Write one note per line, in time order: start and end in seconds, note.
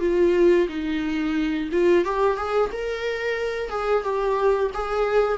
0.00 0.67 F4
0.68 1.69 D#4
1.72 2.05 F4
2.05 2.37 G4
2.37 2.70 G#4
2.72 3.70 A#4
3.70 4.03 G#4
4.03 4.71 G4
4.74 5.38 G#4